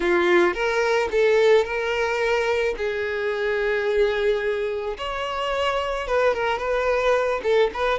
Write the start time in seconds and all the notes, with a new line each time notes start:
0.00 F4
0.54 A#4
1.11 A4
1.64 A#4
2.77 G#4
4.97 C#5
6.07 B4
6.34 A#4
6.58 B4
7.43 A4
7.73 B4